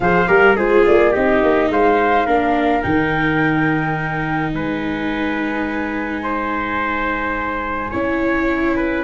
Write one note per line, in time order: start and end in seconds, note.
0.00 0.26 F3
0.00 0.27 G#4
0.00 0.28 C5
0.00 0.56 F5
0.27 0.56 G3
0.27 0.55 G4
0.27 0.56 A#4
0.56 0.84 G#3
0.56 1.13 F4
0.56 1.11 G#4
0.56 0.85 C5
0.86 1.15 A#3
0.86 1.14 D5
1.11 1.43 C4
1.11 2.27 D#4
1.11 1.68 G4
1.11 1.71 D#5
1.43 1.70 A#3
1.70 2.26 G#3
1.70 2.26 C5
1.70 2.83 F5
2.26 2.82 A#3
2.26 2.82 D4
2.26 4.53 A#4
2.82 4.54 D#3
2.82 7.91 D#4
2.82 4.52 G5
4.52 7.93 G#3
4.52 6.23 B4
4.52 9.04 G#5
6.23 7.90 C5
7.90 9.04 C#4
7.90 9.04 E4
7.90 8.75 C#5
8.76 9.04 B4